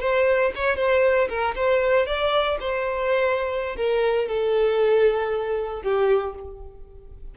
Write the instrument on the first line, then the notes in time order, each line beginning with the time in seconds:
violin
0.00 C5
0.55 C#5
0.76 C5
1.29 A#4
1.55 C5
2.06 D5
2.60 C5
3.76 A#4
4.28 A4
5.82 G4